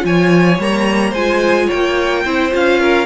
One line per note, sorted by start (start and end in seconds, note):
0.00 0.59 F3
0.00 0.56 F4
0.00 0.61 G#5
0.06 1.10 C#5
0.59 1.13 G3
0.59 1.16 A#3
0.59 1.15 A#5
1.10 1.69 G#3
1.10 2.26 F4
1.10 1.66 C5
1.10 1.70 G#5
1.67 2.23 C#5
1.67 2.54 G5
1.74 2.25 A#3
2.25 2.53 C4
2.25 2.51 E4
2.25 2.80 C5
2.51 3.06 C#4
2.51 3.06 F4
2.51 3.06 F5
2.80 3.06 A#4